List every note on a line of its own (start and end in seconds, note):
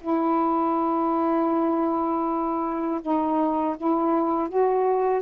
0.00 3.00 E4
3.01 3.76 D#4
3.77 4.48 E4
4.48 5.22 F#4